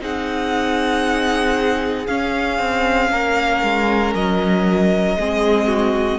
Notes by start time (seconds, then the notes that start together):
0.00 C4 D#4 G#4 F#5
2.06 C#4 F5
2.59 C4
3.11 A#3 A#4
3.62 G#3
4.14 F#3 D#5
5.16 G#3 C4 G#4
5.67 F#4